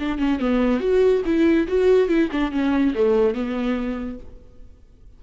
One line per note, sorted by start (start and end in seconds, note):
0.00 0.19 D4
0.19 0.40 C#4
0.40 0.80 B3
0.80 1.23 F#4
1.25 1.67 E4
1.68 2.09 F#4
2.09 2.30 E4
2.32 2.52 D4
2.52 2.94 C#4
2.95 3.35 A3
3.35 4.19 B3